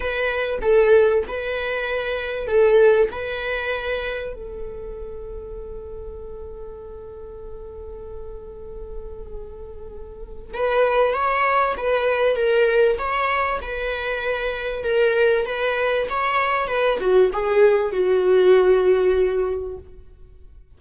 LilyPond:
\new Staff \with { instrumentName = "viola" } { \time 4/4 \tempo 4 = 97 b'4 a'4 b'2 | a'4 b'2 a'4~ | a'1~ | a'1~ |
a'4 b'4 cis''4 b'4 | ais'4 cis''4 b'2 | ais'4 b'4 cis''4 b'8 fis'8 | gis'4 fis'2. | }